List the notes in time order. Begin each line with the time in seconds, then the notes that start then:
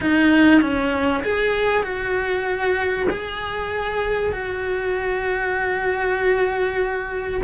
0.00 D#4
0.61 C#4
1.23 G#4
1.83 F#4
3.10 G#4
4.32 F#4